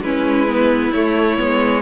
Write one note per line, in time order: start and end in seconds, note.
0.00 0.91 G#3
0.00 0.47 C#4
0.00 1.81 E4
0.00 0.92 B4
0.47 0.92 B3
0.92 1.38 A3
0.92 1.37 A3
0.92 1.81 C#5
1.37 1.81 G#3
1.37 1.81 B3